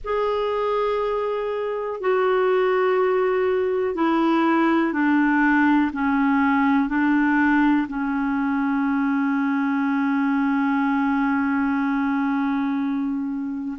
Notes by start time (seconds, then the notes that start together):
0.04 G#4
2.00 F#4
3.94 E4
4.92 D4
5.92 C#4
6.89 D4
7.87 C#4